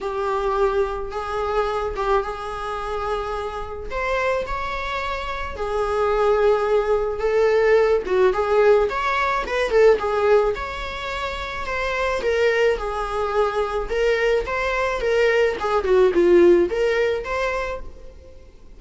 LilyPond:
\new Staff \with { instrumentName = "viola" } { \time 4/4 \tempo 4 = 108 g'2 gis'4. g'8 | gis'2. c''4 | cis''2 gis'2~ | gis'4 a'4. fis'8 gis'4 |
cis''4 b'8 a'8 gis'4 cis''4~ | cis''4 c''4 ais'4 gis'4~ | gis'4 ais'4 c''4 ais'4 | gis'8 fis'8 f'4 ais'4 c''4 | }